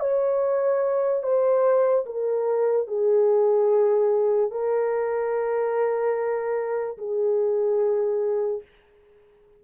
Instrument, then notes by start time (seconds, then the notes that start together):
horn
0.00 C#5
1.23 C5
2.06 A#4
2.88 G#4
4.51 A#4
6.98 G#4